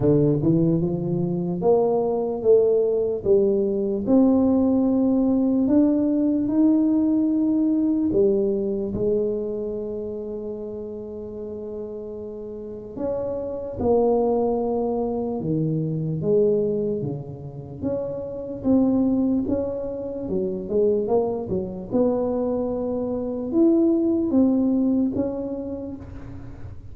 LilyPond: \new Staff \with { instrumentName = "tuba" } { \time 4/4 \tempo 4 = 74 d8 e8 f4 ais4 a4 | g4 c'2 d'4 | dis'2 g4 gis4~ | gis1 |
cis'4 ais2 dis4 | gis4 cis4 cis'4 c'4 | cis'4 fis8 gis8 ais8 fis8 b4~ | b4 e'4 c'4 cis'4 | }